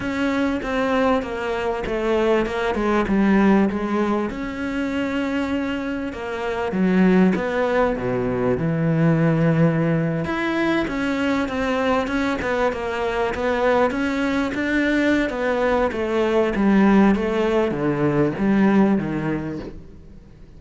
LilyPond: \new Staff \with { instrumentName = "cello" } { \time 4/4 \tempo 4 = 98 cis'4 c'4 ais4 a4 | ais8 gis8 g4 gis4 cis'4~ | cis'2 ais4 fis4 | b4 b,4 e2~ |
e8. e'4 cis'4 c'4 cis'16~ | cis'16 b8 ais4 b4 cis'4 d'16~ | d'4 b4 a4 g4 | a4 d4 g4 dis4 | }